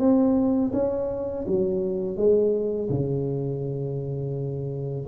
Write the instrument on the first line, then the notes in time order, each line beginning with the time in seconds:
tuba
0.00 C4
0.74 C#4
1.48 F#3
2.17 G#3
2.90 C#3